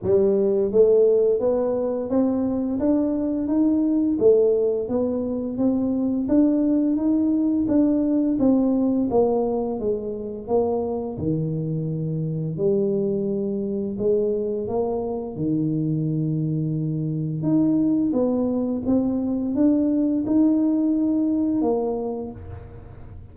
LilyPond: \new Staff \with { instrumentName = "tuba" } { \time 4/4 \tempo 4 = 86 g4 a4 b4 c'4 | d'4 dis'4 a4 b4 | c'4 d'4 dis'4 d'4 | c'4 ais4 gis4 ais4 |
dis2 g2 | gis4 ais4 dis2~ | dis4 dis'4 b4 c'4 | d'4 dis'2 ais4 | }